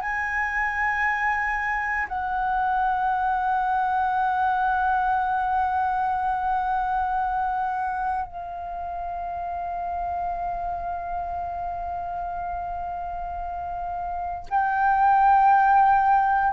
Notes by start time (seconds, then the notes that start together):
0.00 G#5
2.08 F#5
8.25 F5
14.49 G5